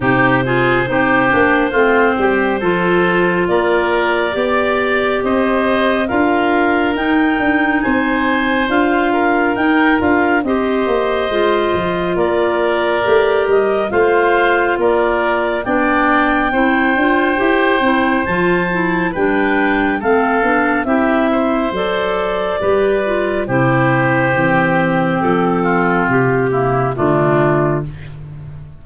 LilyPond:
<<
  \new Staff \with { instrumentName = "clarinet" } { \time 4/4 \tempo 4 = 69 c''1 | d''2 dis''4 f''4 | g''4 gis''4 f''4 g''8 f''8 | dis''2 d''4. dis''8 |
f''4 d''4 g''2~ | g''4 a''4 g''4 f''4 | e''4 d''2 c''4~ | c''4 a'4 g'4 f'4 | }
  \new Staff \with { instrumentName = "oboe" } { \time 4/4 g'8 gis'8 g'4 f'8 g'8 a'4 | ais'4 d''4 c''4 ais'4~ | ais'4 c''4. ais'4. | c''2 ais'2 |
c''4 ais'4 d''4 c''4~ | c''2 b'4 a'4 | g'8 c''4. b'4 g'4~ | g'4. f'4 e'8 d'4 | }
  \new Staff \with { instrumentName = "clarinet" } { \time 4/4 dis'8 f'8 dis'8 d'8 c'4 f'4~ | f'4 g'2 f'4 | dis'2 f'4 dis'8 f'8 | g'4 f'2 g'4 |
f'2 d'4 e'8 f'8 | g'8 e'8 f'8 e'8 d'4 c'8 d'8 | e'4 a'4 g'8 f'8 e'4 | c'2~ c'8 ais8 a4 | }
  \new Staff \with { instrumentName = "tuba" } { \time 4/4 c4 c'8 ais8 a8 g8 f4 | ais4 b4 c'4 d'4 | dis'8 d'8 c'4 d'4 dis'8 d'8 | c'8 ais8 gis8 f8 ais4 a8 g8 |
a4 ais4 b4 c'8 d'8 | e'8 c'8 f4 g4 a8 b8 | c'4 fis4 g4 c4 | e4 f4 c4 d4 | }
>>